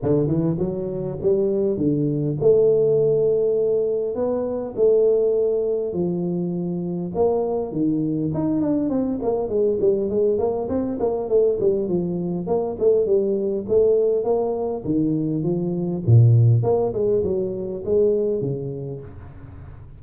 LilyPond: \new Staff \with { instrumentName = "tuba" } { \time 4/4 \tempo 4 = 101 d8 e8 fis4 g4 d4 | a2. b4 | a2 f2 | ais4 dis4 dis'8 d'8 c'8 ais8 |
gis8 g8 gis8 ais8 c'8 ais8 a8 g8 | f4 ais8 a8 g4 a4 | ais4 dis4 f4 ais,4 | ais8 gis8 fis4 gis4 cis4 | }